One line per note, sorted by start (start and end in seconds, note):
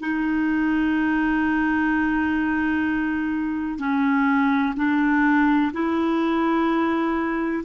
0.00 3.78 D#4
3.78 4.74 C#4
4.76 5.71 D4
5.73 7.63 E4